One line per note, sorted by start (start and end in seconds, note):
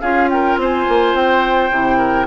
0.00 0.56 C#4
0.00 1.71 F4
0.00 0.29 G#4
0.00 0.28 F5
0.29 0.60 A#4
0.29 0.57 G5
0.56 0.84 C4
0.56 1.97 C5
0.63 1.15 G#5
0.88 1.14 A#3
1.14 1.70 C4
1.14 2.26 G5
1.71 2.26 C3
1.71 2.26 E4
1.97 2.25 A#4